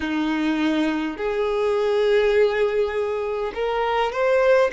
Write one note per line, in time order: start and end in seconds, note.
0.00 1.17 D#4
1.17 3.52 G#4
3.54 4.12 A#4
4.12 4.71 C5